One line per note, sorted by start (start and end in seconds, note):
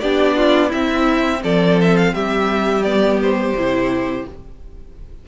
0.00 0.73 B3
0.00 0.70 D4
0.00 0.37 G4
0.00 0.71 D5
0.37 0.69 F4
0.69 2.82 C4
0.69 1.40 E4
0.69 1.43 E5
0.75 1.44 C4
1.44 2.14 F3
1.44 2.14 A4
1.44 1.80 D5
1.82 1.97 E5
1.97 2.15 F5
2.14 3.54 G3
2.14 4.26 G4
2.14 2.83 E5
2.83 3.56 B3
2.83 3.19 D5
3.22 4.28 C5
3.54 4.25 C3
3.54 4.29 E4